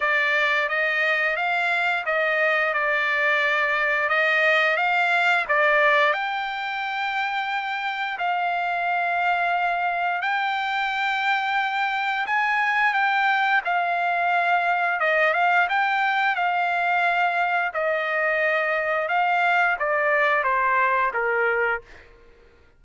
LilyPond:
\new Staff \with { instrumentName = "trumpet" } { \time 4/4 \tempo 4 = 88 d''4 dis''4 f''4 dis''4 | d''2 dis''4 f''4 | d''4 g''2. | f''2. g''4~ |
g''2 gis''4 g''4 | f''2 dis''8 f''8 g''4 | f''2 dis''2 | f''4 d''4 c''4 ais'4 | }